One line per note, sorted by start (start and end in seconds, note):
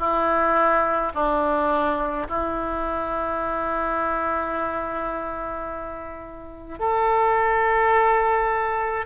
0.00 1.13 E4
1.15 2.28 D4
2.28 6.80 E4
6.80 9.06 A4